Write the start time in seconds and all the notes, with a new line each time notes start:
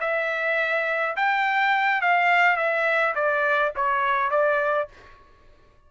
0.00 E5
1.16 G5
2.01 F5
2.56 E5
3.15 D5
3.76 C#5
4.30 D5